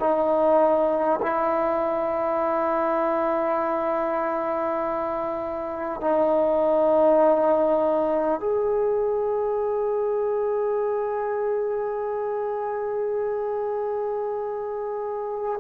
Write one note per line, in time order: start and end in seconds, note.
0.00 1.20 D#4
1.22 6.01 E4
6.01 8.40 D#4
8.40 15.60 G#4